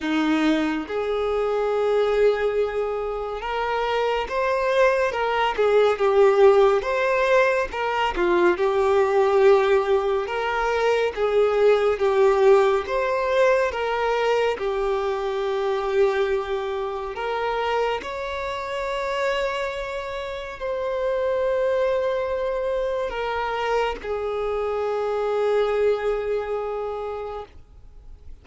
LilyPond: \new Staff \with { instrumentName = "violin" } { \time 4/4 \tempo 4 = 70 dis'4 gis'2. | ais'4 c''4 ais'8 gis'8 g'4 | c''4 ais'8 f'8 g'2 | ais'4 gis'4 g'4 c''4 |
ais'4 g'2. | ais'4 cis''2. | c''2. ais'4 | gis'1 | }